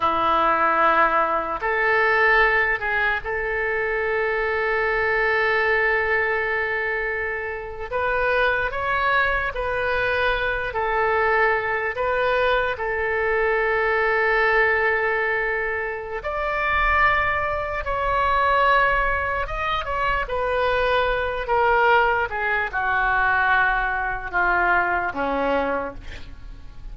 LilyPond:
\new Staff \with { instrumentName = "oboe" } { \time 4/4 \tempo 4 = 74 e'2 a'4. gis'8 | a'1~ | a'4.~ a'16 b'4 cis''4 b'16~ | b'4~ b'16 a'4. b'4 a'16~ |
a'1 | d''2 cis''2 | dis''8 cis''8 b'4. ais'4 gis'8 | fis'2 f'4 cis'4 | }